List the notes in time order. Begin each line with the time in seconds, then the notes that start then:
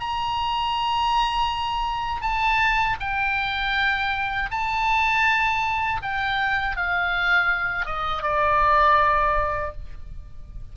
0.00 A#5
2.22 A5
3.00 G5
4.51 A5
6.02 G5
6.76 F5
7.85 D#5
8.23 D5